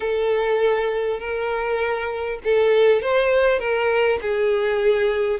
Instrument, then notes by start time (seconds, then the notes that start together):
violin
0.00 A4
1.19 A#4
2.44 A4
3.02 C5
3.59 A#4
4.21 G#4